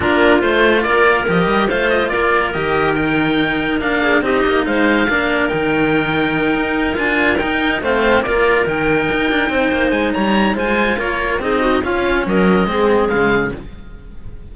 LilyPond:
<<
  \new Staff \with { instrumentName = "oboe" } { \time 4/4 \tempo 4 = 142 ais'4 c''4 d''4 dis''4 | f''8 dis''8 d''4 dis''4 g''4~ | g''4 f''4 dis''4 f''4~ | f''4 g''2.~ |
g''8 gis''4 g''4 f''4 d''8~ | d''8 g''2. gis''8 | ais''4 gis''4 cis''4 dis''4 | f''4 dis''2 f''4 | }
  \new Staff \with { instrumentName = "clarinet" } { \time 4/4 f'2 ais'2 | c''4 ais'2.~ | ais'4. gis'8 g'4 c''4 | ais'1~ |
ais'2~ ais'8 c''4 ais'8~ | ais'2~ ais'8 c''4. | cis''4 c''4 ais'4 gis'8 fis'8 | f'4 ais'4 gis'2 | }
  \new Staff \with { instrumentName = "cello" } { \time 4/4 d'4 f'2 g'4 | f'2 g'4 dis'4~ | dis'4 d'4 dis'2 | d'4 dis'2.~ |
dis'8 f'4 dis'4 c'4 f'8~ | f'8 dis'2.~ dis'8~ | dis'4 f'2 dis'4 | cis'2 c'4 gis4 | }
  \new Staff \with { instrumentName = "cello" } { \time 4/4 ais4 a4 ais4 f8 g8 | a4 ais4 dis2~ | dis4 ais4 c'8 ais8 gis4 | ais4 dis2~ dis8 dis'8~ |
dis'8 d'4 dis'4 a4 ais8~ | ais8 dis4 dis'8 d'8 c'8 ais8 gis8 | g4 gis4 ais4 c'4 | cis'4 fis4 gis4 cis4 | }
>>